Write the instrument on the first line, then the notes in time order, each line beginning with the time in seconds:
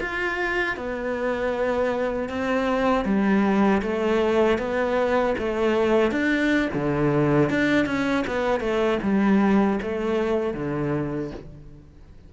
cello
0.00 F4
0.77 B3
2.29 C4
3.05 G3
3.82 A3
4.58 B3
5.38 A3
6.11 D4
6.74 D3
7.50 D4
7.86 C#4
8.27 B3
8.60 A3
9.02 G3
9.82 A3
10.54 D3